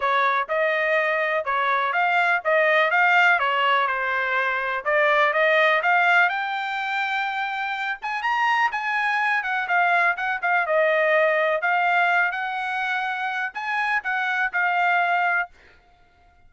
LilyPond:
\new Staff \with { instrumentName = "trumpet" } { \time 4/4 \tempo 4 = 124 cis''4 dis''2 cis''4 | f''4 dis''4 f''4 cis''4 | c''2 d''4 dis''4 | f''4 g''2.~ |
g''8 gis''8 ais''4 gis''4. fis''8 | f''4 fis''8 f''8 dis''2 | f''4. fis''2~ fis''8 | gis''4 fis''4 f''2 | }